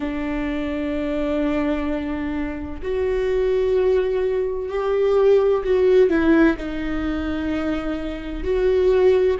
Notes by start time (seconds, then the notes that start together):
0.00 D4
2.82 F#4
4.69 G4
5.63 F#4
6.09 E4
6.57 D#4
8.43 F#4